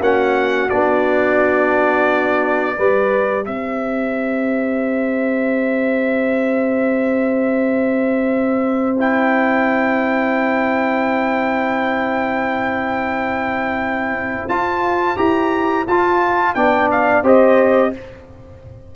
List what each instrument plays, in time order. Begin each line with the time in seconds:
0.00 tuba A#3, trombone C#4, horn F#4, trumpet F#5
0.69 tuba B3, trombone D4, trumpet D5
2.75 tuba G3, trombone G4, horn B4
3.45 tuba C4, horn C5, trumpet E5
8.97 trombone E4, trumpet G5
14.48 tuba F4, trombone F4, trumpet A5
15.16 tuba E4, trombone G4, trumpet A#5
15.87 tuba F4, trombone F4, trumpet A5
16.54 tuba B3, trombone D4, horn D5, trumpet G5
16.91 trumpet F5
17.22 tuba C4, trombone G4, horn C5, trumpet D#5